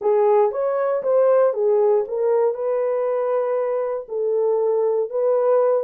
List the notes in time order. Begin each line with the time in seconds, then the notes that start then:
0.01 G#4
0.51 C#5
1.02 C5
1.53 G#4
2.07 A#4
2.54 B4
4.08 A4
5.10 B4